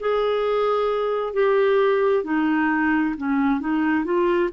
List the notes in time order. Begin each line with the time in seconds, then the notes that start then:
0.00 G#4
1.33 G4
2.24 D#4
3.17 C#4
3.60 D#4
4.05 F4